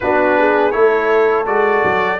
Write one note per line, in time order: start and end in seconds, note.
0.00 0.73 B3
0.00 0.72 D4
0.00 0.38 F#4
0.00 0.71 B4
0.38 0.74 G#4
0.71 1.46 A3
0.71 1.45 E4
0.71 2.19 A4
0.71 1.44 C#5
1.45 1.83 G#3
1.45 2.18 F#4
1.45 2.19 D5
1.84 2.19 F#3